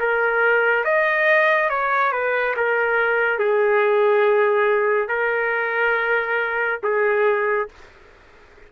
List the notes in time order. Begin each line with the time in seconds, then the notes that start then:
0.00 A#4
0.85 D#5
1.70 C#5
2.12 B4
2.57 A#4
3.39 G#4
5.09 A#4
6.83 G#4